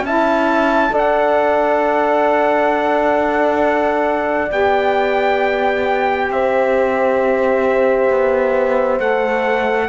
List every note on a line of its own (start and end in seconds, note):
0.00 0.90 C#4
0.00 0.90 E4
0.00 0.95 A5
0.06 0.93 E5
0.90 4.50 D4
0.90 4.48 A4
0.90 6.30 D5
0.98 4.52 F#5
4.51 6.30 B3
4.51 8.99 G4
4.51 6.31 G5
6.30 8.09 C4
6.30 9.88 C5
6.30 9.00 E5
8.10 8.99 B3
8.99 9.88 A3
8.99 9.88 A4
8.99 9.88 F#5